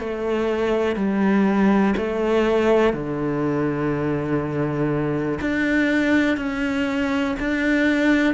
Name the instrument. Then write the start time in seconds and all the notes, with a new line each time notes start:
cello
0.00 A3
0.97 G3
1.98 A3
2.94 D3
5.41 D4
6.38 C#4
7.40 D4